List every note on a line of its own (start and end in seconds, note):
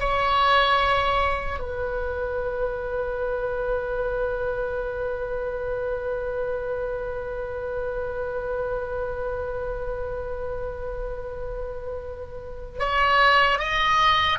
0.00 1.59 C#5
1.59 12.79 B4
12.79 13.59 C#5
13.59 14.39 D#5